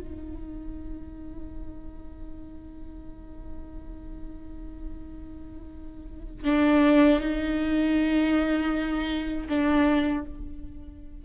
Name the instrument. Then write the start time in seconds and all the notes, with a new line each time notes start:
viola
0.00 D#4
6.45 D4
7.20 D#4
9.49 D4